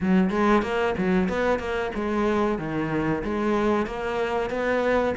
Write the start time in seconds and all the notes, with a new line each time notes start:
0.01 F#3
0.30 G#3
0.62 A#3
0.97 F#3
1.28 B3
1.59 A#3
1.94 G#3
2.58 D#3
3.24 G#3
3.86 A#3
4.50 B3